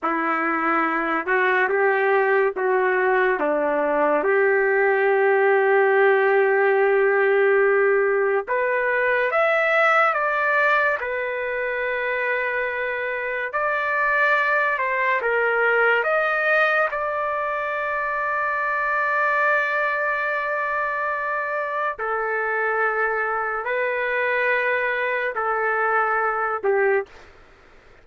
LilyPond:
\new Staff \with { instrumentName = "trumpet" } { \time 4/4 \tempo 4 = 71 e'4. fis'8 g'4 fis'4 | d'4 g'2.~ | g'2 b'4 e''4 | d''4 b'2. |
d''4. c''8 ais'4 dis''4 | d''1~ | d''2 a'2 | b'2 a'4. g'8 | }